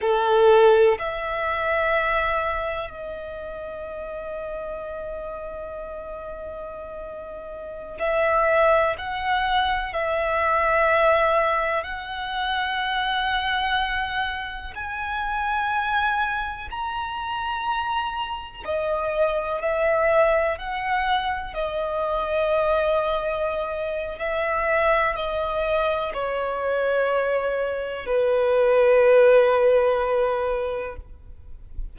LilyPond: \new Staff \with { instrumentName = "violin" } { \time 4/4 \tempo 4 = 62 a'4 e''2 dis''4~ | dis''1~ | dis''16 e''4 fis''4 e''4.~ e''16~ | e''16 fis''2. gis''8.~ |
gis''4~ gis''16 ais''2 dis''8.~ | dis''16 e''4 fis''4 dis''4.~ dis''16~ | dis''4 e''4 dis''4 cis''4~ | cis''4 b'2. | }